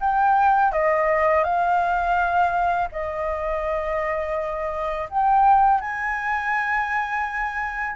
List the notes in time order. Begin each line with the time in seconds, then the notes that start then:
0.00 G5
0.72 D#5
1.44 F5
2.92 D#5
5.10 G5
5.81 G#5